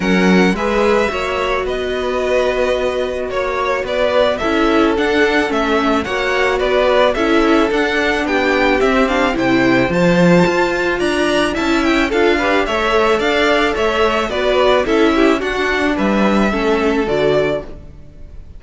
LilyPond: <<
  \new Staff \with { instrumentName = "violin" } { \time 4/4 \tempo 4 = 109 fis''4 e''2 dis''4~ | dis''2 cis''4 d''4 | e''4 fis''4 e''4 fis''4 | d''4 e''4 fis''4 g''4 |
e''8 f''8 g''4 a''2 | ais''4 a''8 g''8 f''4 e''4 | f''4 e''4 d''4 e''4 | fis''4 e''2 d''4 | }
  \new Staff \with { instrumentName = "violin" } { \time 4/4 ais'4 b'4 cis''4 b'4~ | b'2 cis''4 b'4 | a'2. cis''4 | b'4 a'2 g'4~ |
g'4 c''2. | d''4 e''4 a'8 b'8 cis''4 | d''4 cis''4 b'4 a'8 g'8 | fis'4 b'4 a'2 | }
  \new Staff \with { instrumentName = "viola" } { \time 4/4 cis'4 gis'4 fis'2~ | fis'1 | e'4 d'4 cis'4 fis'4~ | fis'4 e'4 d'2 |
c'8 d'8 e'4 f'2~ | f'4 e'4 f'8 g'8 a'4~ | a'2 fis'4 e'4 | d'2 cis'4 fis'4 | }
  \new Staff \with { instrumentName = "cello" } { \time 4/4 fis4 gis4 ais4 b4~ | b2 ais4 b4 | cis'4 d'4 a4 ais4 | b4 cis'4 d'4 b4 |
c'4 c4 f4 f'4 | d'4 cis'4 d'4 a4 | d'4 a4 b4 cis'4 | d'4 g4 a4 d4 | }
>>